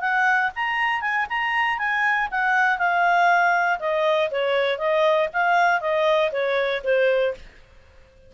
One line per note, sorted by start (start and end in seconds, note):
0.00 0.50 F#5
0.55 1.01 A#5
1.01 1.26 G#5
1.29 1.78 A#5
1.78 2.28 G#5
2.31 2.78 F#5
2.78 3.79 F5
3.79 4.30 D#5
4.30 4.78 C#5
4.78 5.28 D#5
5.32 5.80 F5
5.80 6.31 D#5
6.31 6.82 C#5
6.83 7.34 C5